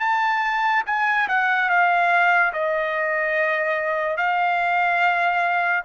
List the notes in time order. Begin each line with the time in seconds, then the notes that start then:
0.00 A5
0.86 G#5
1.28 F#5
1.69 F5
2.53 D#5
4.17 F5